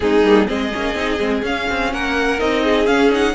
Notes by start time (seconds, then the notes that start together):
0.00 G#3 C4 D#4 G#4
0.24 G3 A#3
0.46 G#3 C4 G#4 D#5
0.72 A#3 C#4
0.94 C4 D#4
1.19 G#3 C4
1.42 C#4 F5
1.70 C4
1.92 A#3 A#4 F#5
2.39 C4 D#4 D#5
2.64 G#4
2.86 C#4 F5
3.10 D#4 F#5